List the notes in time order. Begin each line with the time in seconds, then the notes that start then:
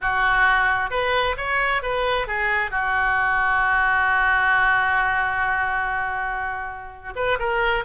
0.01 F#4
0.90 B4
1.37 C#5
1.82 B4
2.27 G#4
2.70 F#4
7.15 B4
7.39 A#4